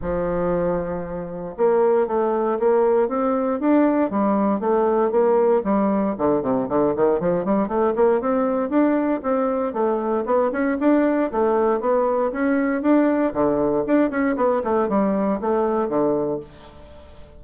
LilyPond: \new Staff \with { instrumentName = "bassoon" } { \time 4/4 \tempo 4 = 117 f2. ais4 | a4 ais4 c'4 d'4 | g4 a4 ais4 g4 | d8 c8 d8 dis8 f8 g8 a8 ais8 |
c'4 d'4 c'4 a4 | b8 cis'8 d'4 a4 b4 | cis'4 d'4 d4 d'8 cis'8 | b8 a8 g4 a4 d4 | }